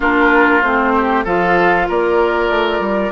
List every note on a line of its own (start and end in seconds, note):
0.00 0.62 A#3
0.00 0.62 D4
0.00 0.92 F4
0.00 0.61 A#4
0.61 1.25 A3
0.61 1.25 C4
0.61 1.24 C5
0.95 1.24 G4
1.24 1.88 F3
1.24 3.12 F4
1.24 1.87 A4
1.24 1.89 F5
1.88 2.49 A#3
1.88 3.12 A#4
1.88 3.12 D5
2.49 2.79 A3
2.79 3.10 G3